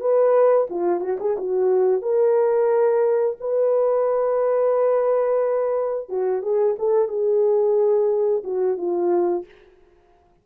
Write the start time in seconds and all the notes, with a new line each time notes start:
0.00 B4
0.70 F4
1.00 F#4
1.20 G#4
1.37 F#4
2.01 A#4
3.40 B4
6.09 F#4
6.42 G#4
6.78 A4
7.08 G#4
8.43 F#4
8.77 F4